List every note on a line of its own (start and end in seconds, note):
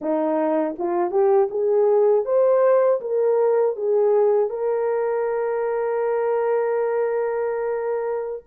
0.01 0.76 D#4
0.78 1.10 F4
1.10 1.48 G4
1.50 2.25 G#4
2.25 3.00 C5
3.00 3.75 A#4
3.75 4.49 G#4
4.49 8.43 A#4